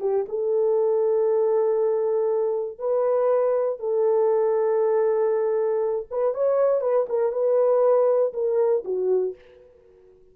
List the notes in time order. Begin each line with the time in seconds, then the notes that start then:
0.00 G4
0.28 A4
2.78 B4
3.79 A4
6.11 B4
6.34 C#5
6.81 B4
7.09 A#4
7.32 B4
8.33 A#4
8.84 F#4